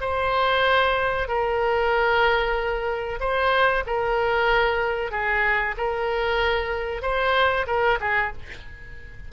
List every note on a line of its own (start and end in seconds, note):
0.00 1.28 C5
1.28 3.19 A#4
3.20 3.84 C5
3.86 5.11 A#4
5.11 5.75 G#4
5.77 7.02 A#4
7.02 7.66 C5
7.67 7.98 A#4
8.00 8.32 G#4